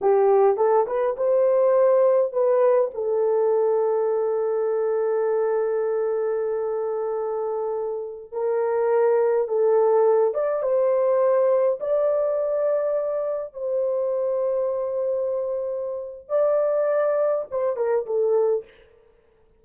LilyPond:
\new Staff \with { instrumentName = "horn" } { \time 4/4 \tempo 4 = 103 g'4 a'8 b'8 c''2 | b'4 a'2.~ | a'1~ | a'2~ a'16 ais'4.~ ais'16~ |
ais'16 a'4. d''8 c''4.~ c''16~ | c''16 d''2. c''8.~ | c''1 | d''2 c''8 ais'8 a'4 | }